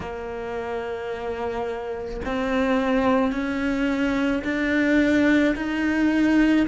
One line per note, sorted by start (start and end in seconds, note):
0.00 2.20 A#3
2.25 3.31 C4
3.31 4.42 C#4
4.43 5.55 D4
5.56 6.67 D#4